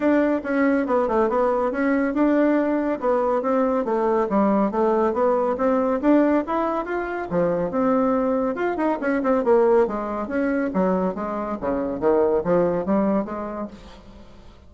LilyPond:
\new Staff \with { instrumentName = "bassoon" } { \time 4/4 \tempo 4 = 140 d'4 cis'4 b8 a8 b4 | cis'4 d'2 b4 | c'4 a4 g4 a4 | b4 c'4 d'4 e'4 |
f'4 f4 c'2 | f'8 dis'8 cis'8 c'8 ais4 gis4 | cis'4 fis4 gis4 cis4 | dis4 f4 g4 gis4 | }